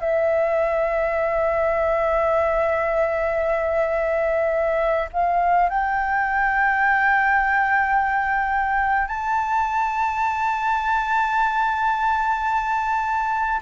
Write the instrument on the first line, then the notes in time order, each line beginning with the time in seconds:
flute
0.00 E5
5.13 F5
5.70 G5
9.08 A5